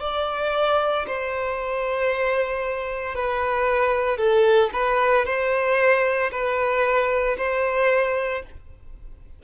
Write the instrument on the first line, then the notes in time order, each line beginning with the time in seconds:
violin
0.00 D5
1.07 C5
3.15 B4
4.17 A4
4.73 B4
5.25 C5
6.31 B4
7.37 C5